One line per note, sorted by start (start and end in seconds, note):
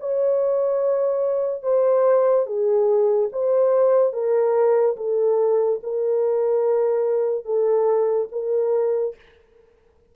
0.00 1.63 C#5
1.63 2.46 C5
2.47 3.30 G#4
3.33 4.13 C5
4.13 4.97 A#4
4.97 5.80 A4
5.83 7.45 A#4
7.45 8.29 A4
8.32 9.16 A#4